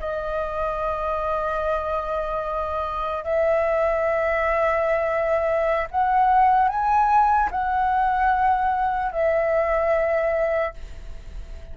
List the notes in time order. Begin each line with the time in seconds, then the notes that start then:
0.00 D#5
3.24 E5
5.90 F#5
6.68 G#5
7.51 F#5
9.12 E5